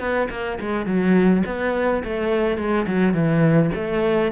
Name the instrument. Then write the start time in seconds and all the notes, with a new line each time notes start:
cello
0.00 B3
0.30 A#3
0.60 G#3
0.86 F#3
1.46 B3
2.04 A3
2.58 G#3
2.87 F#3
3.14 E3
3.75 A3